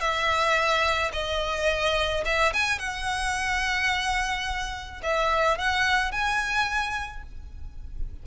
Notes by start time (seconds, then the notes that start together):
0.00 E5
1.13 D#5
2.25 E5
2.53 G#5
2.79 F#5
5.03 E5
5.58 F#5
6.11 G#5